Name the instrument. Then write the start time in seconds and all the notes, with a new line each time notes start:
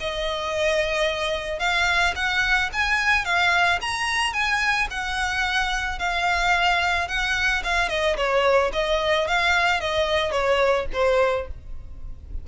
violin
0.00 D#5
1.59 F5
2.15 F#5
2.73 G#5
3.25 F5
3.81 A#5
4.33 G#5
4.90 F#5
5.99 F5
7.08 F#5
7.64 F5
7.89 D#5
8.17 C#5
8.73 D#5
9.28 F5
9.81 D#5
10.32 C#5
10.93 C5